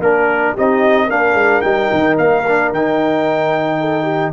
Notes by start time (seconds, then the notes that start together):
0.00 A#3 D4 A#4
0.53 C4 D#4 G4 D#5
1.06 A#3 D4 A#4 F5
1.34 G#3
1.61 G3 D#4 G5
1.93 D#3
2.18 A#3 F5
2.48 D4
2.71 D#3 D#4 G5
3.81 A4
4.04 G4